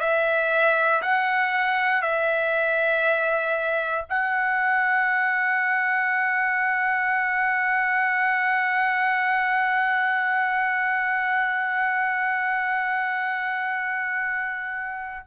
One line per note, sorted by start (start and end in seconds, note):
0.00 1.02 E5
1.02 2.02 F#5
2.02 4.05 E5
4.10 15.27 F#5